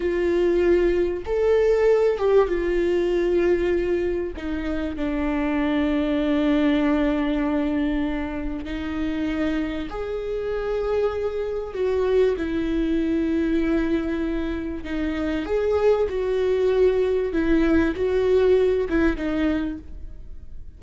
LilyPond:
\new Staff \with { instrumentName = "viola" } { \time 4/4 \tempo 4 = 97 f'2 a'4. g'8 | f'2. dis'4 | d'1~ | d'2 dis'2 |
gis'2. fis'4 | e'1 | dis'4 gis'4 fis'2 | e'4 fis'4. e'8 dis'4 | }